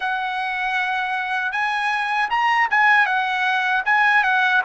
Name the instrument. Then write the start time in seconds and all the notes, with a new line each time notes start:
trumpet
0.00 F#5
1.52 G#5
2.30 A#5
2.70 G#5
3.06 F#5
3.85 G#5
4.23 F#5